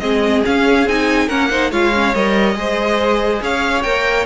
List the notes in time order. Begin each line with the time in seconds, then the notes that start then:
0.00 G#3 C4 G#4 D#5
0.44 C#4 F5
0.86 C4 D#4 G#5
1.28 A#3 C#4 A#4 F#5
1.50 D#4 C5
1.71 G#3 F4 C#5 F5
1.95 C#4
2.15 G3 A#4 D#5
2.55 G#3 G#4 C5
3.42 C#4 C#5 F5
3.83 A#3 A#4 G5